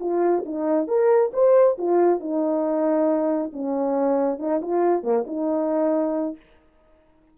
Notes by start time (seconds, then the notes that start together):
0.00 F4
0.45 D#4
0.87 A#4
1.33 C5
1.78 F4
2.20 D#4
3.53 C#4
4.39 D#4
4.62 F4
5.03 A#3
5.27 D#4